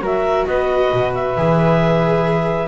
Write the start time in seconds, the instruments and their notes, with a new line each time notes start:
0.00 double bass F#3, viola F#4, flute A#4, clarinet E5
0.46 double bass B3, flute B4, clarinet D#5
0.93 double bass B2
1.14 clarinet E5
1.37 double bass E3, viola G#4